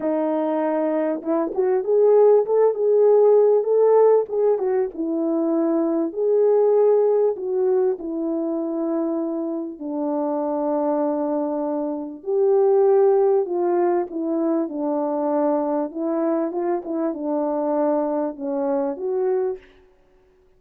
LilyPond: \new Staff \with { instrumentName = "horn" } { \time 4/4 \tempo 4 = 98 dis'2 e'8 fis'8 gis'4 | a'8 gis'4. a'4 gis'8 fis'8 | e'2 gis'2 | fis'4 e'2. |
d'1 | g'2 f'4 e'4 | d'2 e'4 f'8 e'8 | d'2 cis'4 fis'4 | }